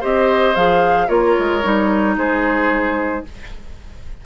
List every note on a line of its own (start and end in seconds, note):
0.00 0.55 C4
0.00 0.55 G4
0.00 1.07 C5
0.00 0.55 D#5
0.55 1.08 F3
0.55 1.07 G#4
0.55 1.09 F5
1.07 1.35 A#3
1.07 1.61 F4
1.07 2.15 A#4
1.07 2.16 C#5
1.39 1.64 G#3
1.63 2.17 G3
1.63 3.24 D#4
2.17 3.24 G#3
2.17 3.25 G#4
2.17 3.25 C5